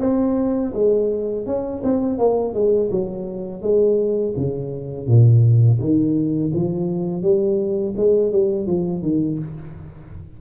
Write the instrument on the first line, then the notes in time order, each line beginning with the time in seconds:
tuba
0.00 C4
0.74 G#3
1.46 C#4
1.83 C4
2.18 A#3
2.53 G#3
2.91 F#3
3.62 G#3
4.36 C#3
5.07 A#2
5.79 D#3
6.53 F3
7.22 G3
7.96 G#3
8.32 G3
8.66 F3
9.02 D#3